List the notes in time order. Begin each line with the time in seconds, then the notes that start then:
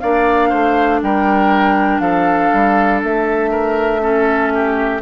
0.00 A#3 D4 D5 F5
0.49 A3 C5
1.02 G3 A#4 G5
2.00 F3 A4 F5
2.53 G3
3.04 A3 E5
3.51 A#4
4.01 C#4 A4
4.54 G4